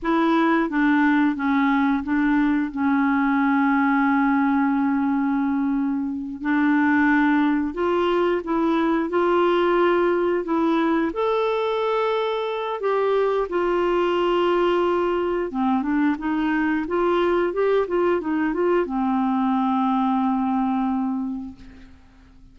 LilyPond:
\new Staff \with { instrumentName = "clarinet" } { \time 4/4 \tempo 4 = 89 e'4 d'4 cis'4 d'4 | cis'1~ | cis'4. d'2 f'8~ | f'8 e'4 f'2 e'8~ |
e'8 a'2~ a'8 g'4 | f'2. c'8 d'8 | dis'4 f'4 g'8 f'8 dis'8 f'8 | c'1 | }